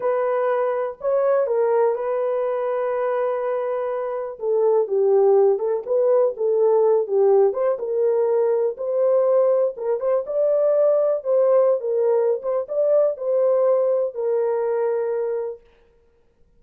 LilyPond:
\new Staff \with { instrumentName = "horn" } { \time 4/4 \tempo 4 = 123 b'2 cis''4 ais'4 | b'1~ | b'4 a'4 g'4. a'8 | b'4 a'4. g'4 c''8 |
ais'2 c''2 | ais'8 c''8 d''2 c''4~ | c''16 ais'4~ ais'16 c''8 d''4 c''4~ | c''4 ais'2. | }